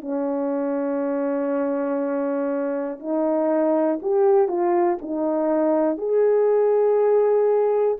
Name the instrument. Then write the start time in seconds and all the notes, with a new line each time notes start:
horn
0.00 C#4
2.99 D#4
4.01 G4
4.47 F4
5.01 D#4
5.97 G#4